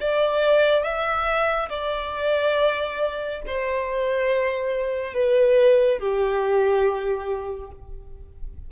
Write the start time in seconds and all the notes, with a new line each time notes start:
0.00 D5
0.83 E5
1.69 D5
3.46 C5
5.13 B4
5.99 G4